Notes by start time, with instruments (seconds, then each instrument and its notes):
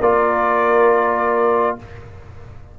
0.00 tuba A#3, trombone F4, horn A#4, trumpet D5